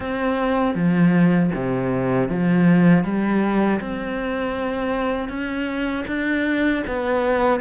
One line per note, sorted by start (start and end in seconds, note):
0.00 0.74 C4
0.74 1.50 F3
1.54 2.29 C3
2.29 3.04 F3
3.04 3.80 G3
3.80 5.28 C4
5.28 6.04 C#4
6.07 6.83 D4
6.87 7.60 B3